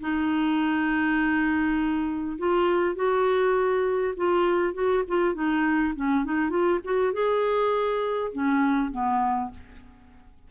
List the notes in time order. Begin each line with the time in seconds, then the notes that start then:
0.00 D#4
2.38 F4
2.95 F#4
4.16 F4
4.73 F#4
5.08 F4
5.34 D#4
5.95 C#4
6.25 D#4
6.50 F4
6.84 F#4
7.13 G#4
8.32 C#4
8.91 B3